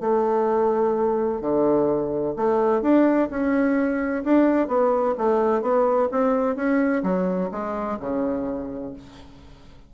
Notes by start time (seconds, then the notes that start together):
0.00 A3
1.41 D3
2.36 A3
2.82 D4
3.30 C#4
4.24 D4
4.67 B3
5.18 A3
5.61 B3
6.11 C4
6.55 C#4
7.02 F#3
7.51 G#3
7.99 C#3